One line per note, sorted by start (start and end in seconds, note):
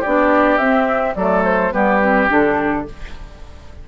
0.00 0.58 B3
0.00 0.60 D4
0.00 1.13 G4
0.00 0.58 D5
0.58 1.15 C4
0.58 1.16 C4
0.58 1.14 E5
1.15 1.72 F#3
1.15 1.72 A3
1.15 1.74 A4
1.15 1.43 D5
1.44 1.72 C5
1.72 2.30 G3
1.72 2.00 B3
1.72 2.87 G4
1.72 2.29 B4
2.01 2.29 C4
2.29 2.86 D3
2.29 2.86 D4
2.29 2.88 A4